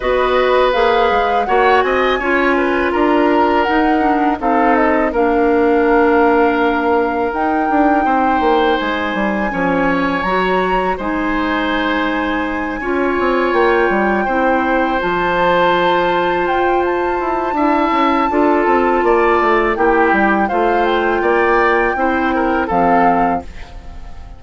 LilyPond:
<<
  \new Staff \with { instrumentName = "flute" } { \time 4/4 \tempo 4 = 82 dis''4 f''4 fis''8 gis''4. | ais''4 fis''4 f''8 dis''8 f''4~ | f''2 g''2 | gis''2 ais''4 gis''4~ |
gis''2~ gis''8 g''4.~ | g''8 a''2 g''8 a''4~ | a''2. g''4 | f''8 g''2~ g''8 f''4 | }
  \new Staff \with { instrumentName = "oboe" } { \time 4/4 b'2 cis''8 dis''8 cis''8 b'8 | ais'2 a'4 ais'4~ | ais'2. c''4~ | c''4 cis''2 c''4~ |
c''4. cis''2 c''8~ | c''1 | e''4 a'4 d''4 g'4 | c''4 d''4 c''8 ais'8 a'4 | }
  \new Staff \with { instrumentName = "clarinet" } { \time 4/4 fis'4 gis'4 fis'4 f'4~ | f'4 dis'8 d'8 dis'4 d'4~ | d'2 dis'2~ | dis'4 cis'4 fis'4 dis'4~ |
dis'4. f'2 e'8~ | e'8 f'2.~ f'8 | e'4 f'2 e'4 | f'2 e'4 c'4 | }
  \new Staff \with { instrumentName = "bassoon" } { \time 4/4 b4 ais8 gis8 ais8 c'8 cis'4 | d'4 dis'4 c'4 ais4~ | ais2 dis'8 d'8 c'8 ais8 | gis8 g8 f4 fis4 gis4~ |
gis4. cis'8 c'8 ais8 g8 c'8~ | c'8 f2 f'4 e'8 | d'8 cis'8 d'8 c'8 ais8 a8 ais8 g8 | a4 ais4 c'4 f4 | }
>>